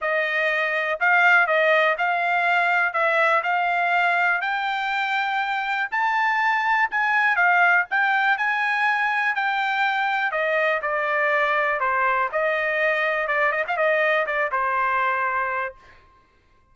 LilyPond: \new Staff \with { instrumentName = "trumpet" } { \time 4/4 \tempo 4 = 122 dis''2 f''4 dis''4 | f''2 e''4 f''4~ | f''4 g''2. | a''2 gis''4 f''4 |
g''4 gis''2 g''4~ | g''4 dis''4 d''2 | c''4 dis''2 d''8 dis''16 f''16 | dis''4 d''8 c''2~ c''8 | }